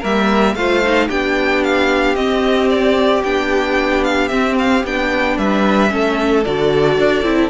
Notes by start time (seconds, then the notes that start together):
0.00 G3 A#3 A#4 E5
0.54 A3 F4 C5 F5
0.84 D#4
1.07 B3 D4 G4 G5
1.63 F5
2.15 C4 D#5
2.69 D5
3.23 B3 D4 G5
4.04 F5
4.28 C4 E5
4.58 F5
4.84 B3 D4 G5
5.37 G3 B4 E5
5.89 A3 C#4 A4
6.43 D3 F#4 D5
6.98 D4
7.22 C4 E4